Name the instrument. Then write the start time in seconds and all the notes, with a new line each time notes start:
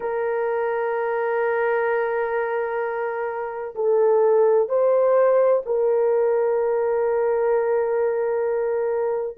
horn
0.00 A#4
3.75 A4
4.68 C5
5.65 A#4